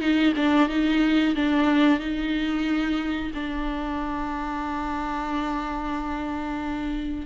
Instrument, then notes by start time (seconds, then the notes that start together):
viola
0.00 D#4
0.36 D4
0.68 D#4
1.35 D4
1.99 D#4
3.34 D4